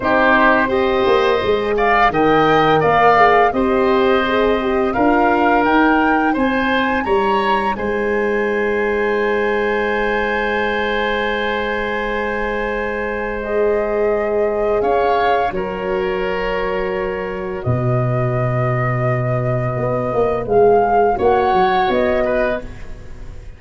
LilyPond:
<<
  \new Staff \with { instrumentName = "flute" } { \time 4/4 \tempo 4 = 85 c''4 dis''4. f''8 g''4 | f''4 dis''2 f''4 | g''4 gis''4 ais''4 gis''4~ | gis''1~ |
gis''2. dis''4~ | dis''4 f''4 cis''2~ | cis''4 dis''2.~ | dis''4 f''4 fis''4 dis''4 | }
  \new Staff \with { instrumentName = "oboe" } { \time 4/4 g'4 c''4. d''8 dis''4 | d''4 c''2 ais'4~ | ais'4 c''4 cis''4 c''4~ | c''1~ |
c''1~ | c''4 cis''4 ais'2~ | ais'4 b'2.~ | b'2 cis''4. b'8 | }
  \new Staff \with { instrumentName = "horn" } { \time 4/4 dis'4 g'4 gis'4 ais'4~ | ais'8 gis'8 g'4 gis'8 g'8 f'4 | dis'1~ | dis'1~ |
dis'2. gis'4~ | gis'2 fis'2~ | fis'1~ | fis'4 gis'4 fis'2 | }
  \new Staff \with { instrumentName = "tuba" } { \time 4/4 c'4. ais8 gis4 dis4 | ais4 c'2 d'4 | dis'4 c'4 g4 gis4~ | gis1~ |
gis1~ | gis4 cis'4 fis2~ | fis4 b,2. | b8 ais8 gis4 ais8 fis8 b4 | }
>>